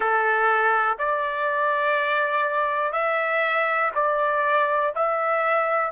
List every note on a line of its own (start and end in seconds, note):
0.00 0.97 A4
0.98 2.92 D5
2.92 3.90 E5
3.94 4.93 D5
4.95 5.91 E5